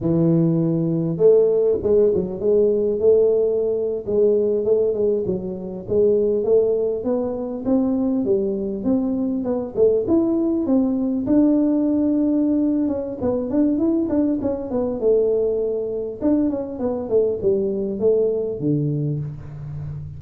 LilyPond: \new Staff \with { instrumentName = "tuba" } { \time 4/4 \tempo 4 = 100 e2 a4 gis8 fis8 | gis4 a4.~ a16 gis4 a16~ | a16 gis8 fis4 gis4 a4 b16~ | b8. c'4 g4 c'4 b16~ |
b16 a8 e'4 c'4 d'4~ d'16~ | d'4. cis'8 b8 d'8 e'8 d'8 | cis'8 b8 a2 d'8 cis'8 | b8 a8 g4 a4 d4 | }